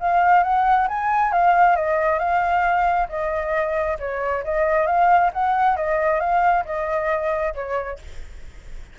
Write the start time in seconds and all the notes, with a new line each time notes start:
0.00 F5
0.43 F#5
0.88 G#5
1.32 F5
1.76 D#5
2.19 F5
3.09 D#5
3.99 C#5
4.44 D#5
4.86 F5
5.33 F#5
5.77 D#5
6.20 F5
6.65 D#5
7.54 C#5